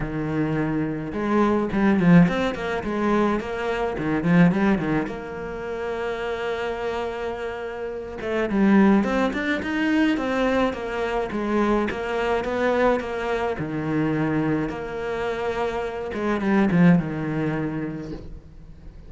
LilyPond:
\new Staff \with { instrumentName = "cello" } { \time 4/4 \tempo 4 = 106 dis2 gis4 g8 f8 | c'8 ais8 gis4 ais4 dis8 f8 | g8 dis8 ais2.~ | ais2~ ais8 a8 g4 |
c'8 d'8 dis'4 c'4 ais4 | gis4 ais4 b4 ais4 | dis2 ais2~ | ais8 gis8 g8 f8 dis2 | }